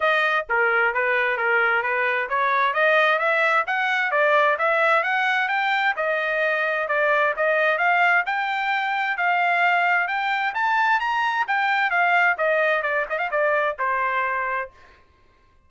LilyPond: \new Staff \with { instrumentName = "trumpet" } { \time 4/4 \tempo 4 = 131 dis''4 ais'4 b'4 ais'4 | b'4 cis''4 dis''4 e''4 | fis''4 d''4 e''4 fis''4 | g''4 dis''2 d''4 |
dis''4 f''4 g''2 | f''2 g''4 a''4 | ais''4 g''4 f''4 dis''4 | d''8 dis''16 f''16 d''4 c''2 | }